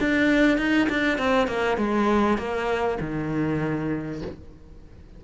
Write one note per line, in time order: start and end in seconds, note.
0.00 0.58 D4
0.58 0.88 D#4
0.89 1.18 D4
1.18 1.47 C4
1.47 1.77 A#3
1.77 2.37 G#3
2.37 2.98 A#3
3.00 4.21 D#3